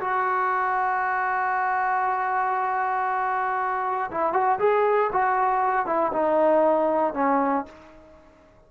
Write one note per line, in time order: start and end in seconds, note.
0.00 4.10 F#4
4.11 4.33 E4
4.33 4.59 F#4
4.59 5.10 G#4
5.12 5.86 F#4
5.86 6.12 E4
6.12 7.14 D#4
7.14 7.65 C#4